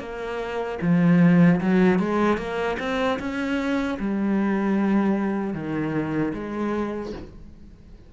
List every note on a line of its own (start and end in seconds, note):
0.00 0.79 A#3
0.82 1.61 F3
1.61 2.00 F#3
2.00 2.38 G#3
2.38 2.77 A#3
2.80 3.19 C4
3.19 3.98 C#4
4.00 5.54 G3
5.54 6.33 D#3
6.34 7.13 G#3